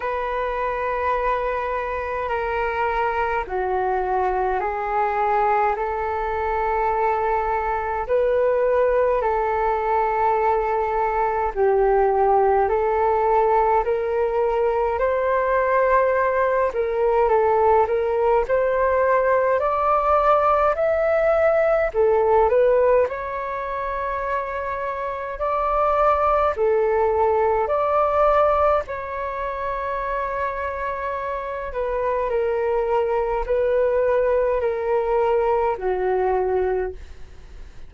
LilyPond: \new Staff \with { instrumentName = "flute" } { \time 4/4 \tempo 4 = 52 b'2 ais'4 fis'4 | gis'4 a'2 b'4 | a'2 g'4 a'4 | ais'4 c''4. ais'8 a'8 ais'8 |
c''4 d''4 e''4 a'8 b'8 | cis''2 d''4 a'4 | d''4 cis''2~ cis''8 b'8 | ais'4 b'4 ais'4 fis'4 | }